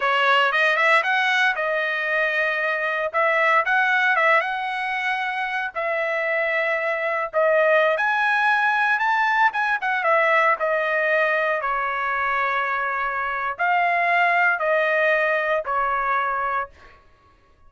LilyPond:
\new Staff \with { instrumentName = "trumpet" } { \time 4/4 \tempo 4 = 115 cis''4 dis''8 e''8 fis''4 dis''4~ | dis''2 e''4 fis''4 | e''8 fis''2~ fis''8 e''4~ | e''2 dis''4~ dis''16 gis''8.~ |
gis''4~ gis''16 a''4 gis''8 fis''8 e''8.~ | e''16 dis''2 cis''4.~ cis''16~ | cis''2 f''2 | dis''2 cis''2 | }